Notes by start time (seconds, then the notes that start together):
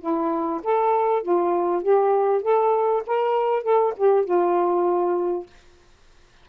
0.00 E4
0.63 A4
1.22 F4
1.82 G4
2.42 A4
3.06 A#4
3.63 A4
3.97 G4
4.25 F4